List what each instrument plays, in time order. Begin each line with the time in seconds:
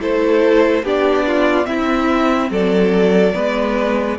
0.00 cello A3, viola E4, violin A4 C5
0.82 cello B3, viola D4, violin G4 D5
1.27 violin F4
1.64 viola C4, cello C4, violin E4 E5
2.50 cello F#3, violin A4 D5
3.34 cello G#3, viola B3, violin B4